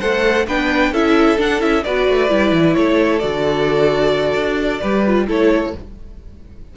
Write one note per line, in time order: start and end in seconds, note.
0.00 0.47 A3
0.00 0.47 A4
0.00 0.46 C5
0.00 0.46 F#5
0.46 0.91 B3
0.46 0.94 D4
0.46 0.92 B4
0.46 0.94 G5
0.91 1.37 C#4
0.91 1.37 E4
0.91 1.84 A4
0.91 1.39 E5
1.37 1.60 D4
1.37 1.61 D4
1.37 1.61 F#5
1.60 1.84 C#4
1.60 1.82 E4
1.60 1.83 E5
1.83 2.08 B3
1.83 2.29 F#4
1.83 2.76 B4
1.83 2.74 D5
2.08 2.30 A3
2.29 2.52 G3
2.29 3.20 E4
2.52 2.75 E3
2.74 3.23 A3
2.74 4.81 A4
2.74 3.19 C#5
3.19 4.35 D3
3.19 4.81 F#4
3.19 5.25 D5
4.35 4.80 D4
4.81 5.28 G3
4.81 5.04 G4
4.81 5.26 B4
5.07 5.28 F4
5.28 5.74 A3
5.28 5.73 E4
5.28 5.74 A4
5.28 5.76 C#5